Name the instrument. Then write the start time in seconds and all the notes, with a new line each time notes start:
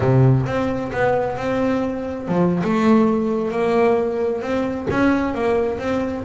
double bass
0.00 C3
0.46 C4
0.92 B3
1.37 C4
2.28 F3
2.63 A3
3.51 A#3
4.41 C4
4.90 C#4
5.34 A#3
5.79 C4